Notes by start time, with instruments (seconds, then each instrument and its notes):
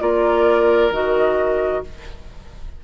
0.00 bassoon A#3, clarinet F4, oboe A#4, flute D5
0.91 bassoon D#3, clarinet F#4, flute D#5